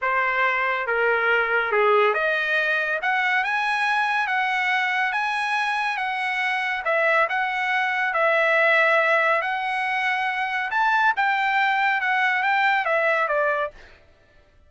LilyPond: \new Staff \with { instrumentName = "trumpet" } { \time 4/4 \tempo 4 = 140 c''2 ais'2 | gis'4 dis''2 fis''4 | gis''2 fis''2 | gis''2 fis''2 |
e''4 fis''2 e''4~ | e''2 fis''2~ | fis''4 a''4 g''2 | fis''4 g''4 e''4 d''4 | }